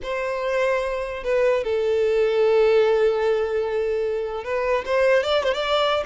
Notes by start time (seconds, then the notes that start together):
0.02 C5
1.23 B4
1.64 A4
4.44 B4
4.85 C5
5.23 D5
5.43 C5
5.53 D5